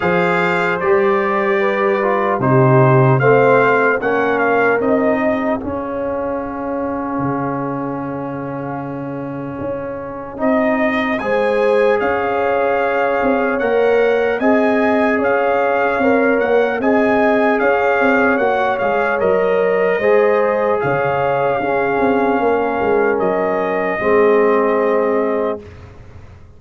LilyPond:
<<
  \new Staff \with { instrumentName = "trumpet" } { \time 4/4 \tempo 4 = 75 f''4 d''2 c''4 | f''4 fis''8 f''8 dis''4 f''4~ | f''1~ | f''4 dis''4 gis''4 f''4~ |
f''4 fis''4 gis''4 f''4~ | f''8 fis''8 gis''4 f''4 fis''8 f''8 | dis''2 f''2~ | f''4 dis''2. | }
  \new Staff \with { instrumentName = "horn" } { \time 4/4 c''2 b'4 g'4 | c''4 ais'4. gis'4.~ | gis'1~ | gis'2 c''4 cis''4~ |
cis''2 dis''4 cis''4~ | cis''4 dis''4 cis''2~ | cis''4 c''4 cis''4 gis'4 | ais'2 gis'2 | }
  \new Staff \with { instrumentName = "trombone" } { \time 4/4 gis'4 g'4. f'8 dis'4 | c'4 cis'4 dis'4 cis'4~ | cis'1~ | cis'4 dis'4 gis'2~ |
gis'4 ais'4 gis'2 | ais'4 gis'2 fis'8 gis'8 | ais'4 gis'2 cis'4~ | cis'2 c'2 | }
  \new Staff \with { instrumentName = "tuba" } { \time 4/4 f4 g2 c4 | a4 ais4 c'4 cis'4~ | cis'4 cis2. | cis'4 c'4 gis4 cis'4~ |
cis'8 c'8 ais4 c'4 cis'4 | c'8 ais8 c'4 cis'8 c'8 ais8 gis8 | fis4 gis4 cis4 cis'8 c'8 | ais8 gis8 fis4 gis2 | }
>>